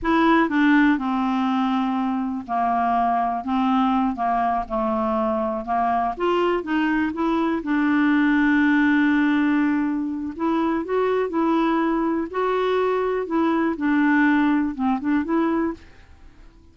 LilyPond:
\new Staff \with { instrumentName = "clarinet" } { \time 4/4 \tempo 4 = 122 e'4 d'4 c'2~ | c'4 ais2 c'4~ | c'8 ais4 a2 ais8~ | ais8 f'4 dis'4 e'4 d'8~ |
d'1~ | d'4 e'4 fis'4 e'4~ | e'4 fis'2 e'4 | d'2 c'8 d'8 e'4 | }